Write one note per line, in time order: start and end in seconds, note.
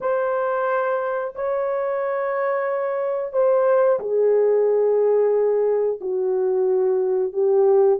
0.01 1.34 C5
1.35 3.32 C#5
3.32 3.99 C5
3.99 5.99 G#4
6.01 7.32 F#4
7.32 7.99 G4